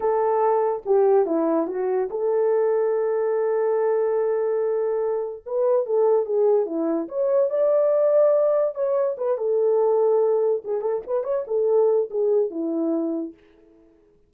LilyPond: \new Staff \with { instrumentName = "horn" } { \time 4/4 \tempo 4 = 144 a'2 g'4 e'4 | fis'4 a'2.~ | a'1~ | a'4 b'4 a'4 gis'4 |
e'4 cis''4 d''2~ | d''4 cis''4 b'8 a'4.~ | a'4. gis'8 a'8 b'8 cis''8 a'8~ | a'4 gis'4 e'2 | }